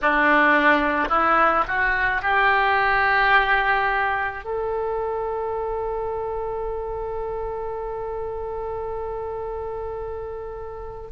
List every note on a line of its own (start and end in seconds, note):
0.01 1.08 D4
1.08 1.64 E4
1.67 2.22 F#4
2.22 4.44 G4
4.44 11.11 A4